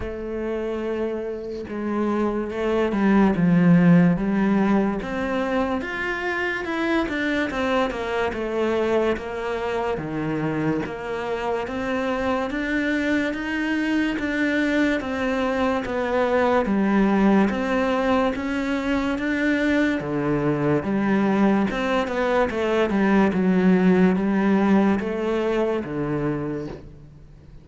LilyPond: \new Staff \with { instrumentName = "cello" } { \time 4/4 \tempo 4 = 72 a2 gis4 a8 g8 | f4 g4 c'4 f'4 | e'8 d'8 c'8 ais8 a4 ais4 | dis4 ais4 c'4 d'4 |
dis'4 d'4 c'4 b4 | g4 c'4 cis'4 d'4 | d4 g4 c'8 b8 a8 g8 | fis4 g4 a4 d4 | }